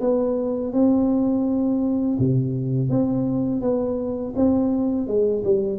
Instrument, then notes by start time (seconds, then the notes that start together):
tuba
0.00 B3
0.72 C4
2.19 C3
2.89 C4
3.61 B3
4.35 C4
5.07 G#3
5.44 G3